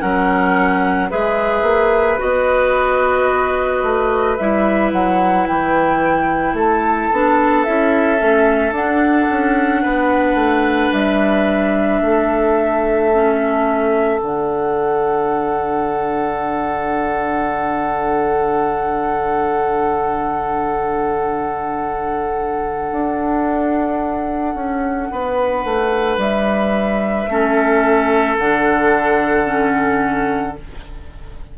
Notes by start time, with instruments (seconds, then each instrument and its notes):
0.00 bassoon F#3, clarinet C#4, oboe A#4, flute F#5
1.10 bassoon G#3, clarinet G#4, oboe B4, flute E5
1.62 bassoon A#3
2.18 bassoon B3, clarinet F#4, flute D#5
3.83 bassoon A3
4.36 bassoon G3, clarinet E4, flute E5
4.92 bassoon F#3, flute F#5
5.47 bassoon E3, flute G5
6.53 bassoon A3, oboe A4
6.60 flute A5
7.12 bassoon B3, clarinet D4
7.64 bassoon C#4, clarinet E4, flute E5
8.17 bassoon A3, clarinet C#4
8.71 bassoon D4, clarinet D4, flute F#5
9.30 bassoon C#4
9.82 bassoon B3, oboe B4
10.35 bassoon A3
10.92 bassoon G3, flute E5
12.01 bassoon A3, oboe A4
13.14 clarinet C#4
14.20 bassoon D3, clarinet D4, flute F#5
22.92 bassoon D4
24.54 bassoon C#4
25.11 bassoon B3, oboe B4
25.64 bassoon A3
26.17 bassoon G3, flute E5
27.27 bassoon A3, clarinet C#4, oboe A4
28.38 bassoon D3, clarinet D4, flute F#5
29.45 clarinet C#4